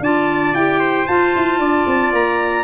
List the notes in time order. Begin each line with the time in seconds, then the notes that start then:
0.00 D4 F4 D5 A5
0.54 E4 G4 G5
0.80 C5
1.07 F4 A5
1.36 E4
1.59 D4 D5
1.86 C4
2.13 A#3 A#5